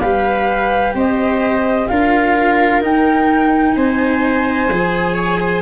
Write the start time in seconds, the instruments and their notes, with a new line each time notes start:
0.00 tuba G3, cello G4, viola B4, flute F5
0.95 tuba C4, viola C5, flute D#5
1.88 tuba D4, cello F4, viola A#4, flute F5
2.81 cello D#4, tuba D#4, flute G5
3.75 tuba C4, viola C5, flute G#5
4.71 tuba F3, cello G#4
5.15 viola C#5
5.41 viola C5